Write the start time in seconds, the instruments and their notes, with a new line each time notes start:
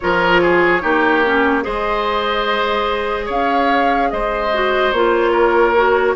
0.00 bassoon F3, clarinet F4, oboe A#4, flute C#5
0.41 oboe G#4
0.81 bassoon A#3, clarinet D#4, oboe G4
1.25 clarinet C#4
1.61 bassoon G#3, clarinet G#4, oboe C5, flute D#5
3.25 bassoon C#4, oboe C#5, flute F5
4.10 bassoon G#3, oboe C5, flute D#5
4.53 clarinet F#4
4.92 bassoon A#3, clarinet F4, flute C#5
5.31 oboe A#4
5.75 clarinet F#4